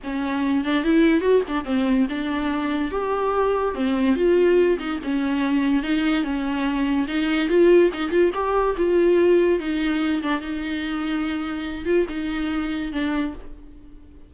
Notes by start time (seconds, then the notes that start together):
0.03 C#4
0.64 D4
0.84 E4
1.20 F#4
1.48 D4
1.65 C4
2.09 D4
2.91 G4
3.74 C4
4.15 F4
4.78 D#4
5.03 C#4
5.82 D#4
6.23 C#4
7.07 D#4
7.48 F4
7.93 D#4
8.10 F4
8.34 G4
8.77 F4
9.59 D#4
10.22 D4
10.40 D#4
11.85 F4
12.09 D#4
12.92 D4